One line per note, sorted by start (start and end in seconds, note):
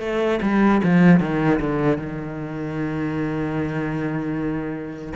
0.00 0.39 A3
0.42 0.81 G3
0.83 1.20 F3
1.20 1.60 D#3
1.60 1.98 D3
1.98 5.14 D#3